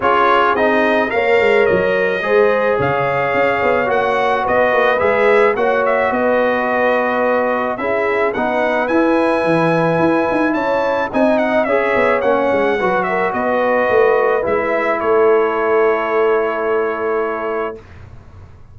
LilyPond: <<
  \new Staff \with { instrumentName = "trumpet" } { \time 4/4 \tempo 4 = 108 cis''4 dis''4 f''4 dis''4~ | dis''4 f''2 fis''4 | dis''4 e''4 fis''8 e''8 dis''4~ | dis''2 e''4 fis''4 |
gis''2. a''4 | gis''8 fis''8 e''4 fis''4. e''8 | dis''2 e''4 cis''4~ | cis''1 | }
  \new Staff \with { instrumentName = "horn" } { \time 4/4 gis'2 cis''2 | c''4 cis''2. | b'2 cis''4 b'4~ | b'2 gis'4 b'4~ |
b'2. cis''4 | dis''4 cis''2 b'8 ais'8 | b'2. a'4~ | a'1 | }
  \new Staff \with { instrumentName = "trombone" } { \time 4/4 f'4 dis'4 ais'2 | gis'2. fis'4~ | fis'4 gis'4 fis'2~ | fis'2 e'4 dis'4 |
e'1 | dis'4 gis'4 cis'4 fis'4~ | fis'2 e'2~ | e'1 | }
  \new Staff \with { instrumentName = "tuba" } { \time 4/4 cis'4 c'4 ais8 gis8 fis4 | gis4 cis4 cis'8 b8 ais4 | b8 ais8 gis4 ais4 b4~ | b2 cis'4 b4 |
e'4 e4 e'8 dis'8 cis'4 | c'4 cis'8 b8 ais8 gis8 fis4 | b4 a4 gis4 a4~ | a1 | }
>>